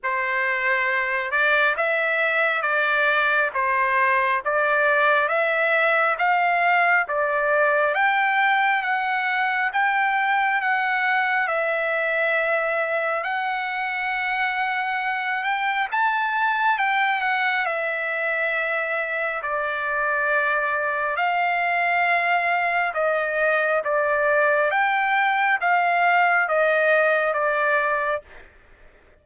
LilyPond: \new Staff \with { instrumentName = "trumpet" } { \time 4/4 \tempo 4 = 68 c''4. d''8 e''4 d''4 | c''4 d''4 e''4 f''4 | d''4 g''4 fis''4 g''4 | fis''4 e''2 fis''4~ |
fis''4. g''8 a''4 g''8 fis''8 | e''2 d''2 | f''2 dis''4 d''4 | g''4 f''4 dis''4 d''4 | }